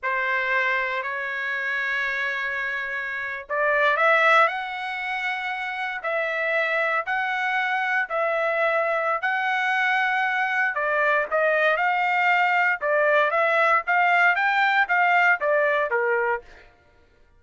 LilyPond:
\new Staff \with { instrumentName = "trumpet" } { \time 4/4 \tempo 4 = 117 c''2 cis''2~ | cis''2~ cis''8. d''4 e''16~ | e''8. fis''2. e''16~ | e''4.~ e''16 fis''2 e''16~ |
e''2 fis''2~ | fis''4 d''4 dis''4 f''4~ | f''4 d''4 e''4 f''4 | g''4 f''4 d''4 ais'4 | }